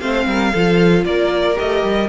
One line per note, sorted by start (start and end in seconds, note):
0.00 0.27 A3
0.00 0.53 C4
0.00 0.26 C5
0.00 1.04 F5
0.27 0.53 G3
0.27 0.53 A#4
0.53 1.04 F3
0.53 1.55 F4
0.53 1.05 A4
1.04 1.57 A#3
1.04 2.09 A#4
1.04 1.57 D5
1.55 1.83 A3
1.55 2.07 G4
1.55 2.09 D#5
1.83 2.09 G3